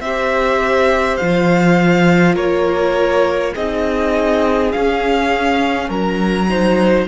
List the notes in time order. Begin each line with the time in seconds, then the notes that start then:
0.00 C4 G4 C5 E5
1.17 F3 F4 F5
2.34 A#3 A#4 C#5
3.54 C4 D#4 G#4 D#5
4.71 C#4 F5
5.88 F#3 A#4 A#5
6.49 D#4 C5